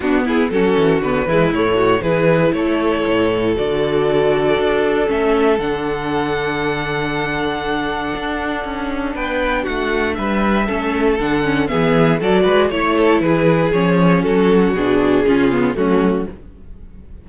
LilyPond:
<<
  \new Staff \with { instrumentName = "violin" } { \time 4/4 \tempo 4 = 118 fis'8 gis'8 a'4 b'4 cis''4 | b'4 cis''2 d''4~ | d''2 e''4 fis''4~ | fis''1~ |
fis''2 g''4 fis''4 | e''2 fis''4 e''4 | d''4 cis''4 b'4 cis''4 | a'4 gis'2 fis'4 | }
  \new Staff \with { instrumentName = "violin" } { \time 4/4 d'8 e'8 fis'4. e'4 fis'8 | gis'4 a'2.~ | a'1~ | a'1~ |
a'2 b'4 fis'4 | b'4 a'2 gis'4 | a'8 b'8 cis''8 a'8 gis'2 | fis'2 f'4 cis'4 | }
  \new Staff \with { instrumentName = "viola" } { \time 4/4 b4 cis'4 b8 gis8 a4 | e'2. fis'4~ | fis'2 cis'4 d'4~ | d'1~ |
d'1~ | d'4 cis'4 d'8 cis'8 b4 | fis'4 e'2 cis'4~ | cis'4 d'4 cis'8 b8 a4 | }
  \new Staff \with { instrumentName = "cello" } { \time 4/4 b4 fis8 e8 d8 e8 a,4 | e4 a4 a,4 d4~ | d4 d'4 a4 d4~ | d1 |
d'4 cis'4 b4 a4 | g4 a4 d4 e4 | fis8 gis8 a4 e4 f4 | fis4 b,4 cis4 fis4 | }
>>